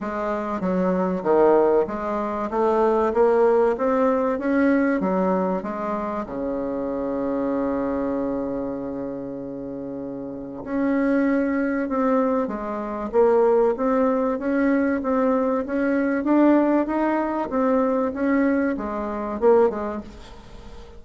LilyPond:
\new Staff \with { instrumentName = "bassoon" } { \time 4/4 \tempo 4 = 96 gis4 fis4 dis4 gis4 | a4 ais4 c'4 cis'4 | fis4 gis4 cis2~ | cis1~ |
cis4 cis'2 c'4 | gis4 ais4 c'4 cis'4 | c'4 cis'4 d'4 dis'4 | c'4 cis'4 gis4 ais8 gis8 | }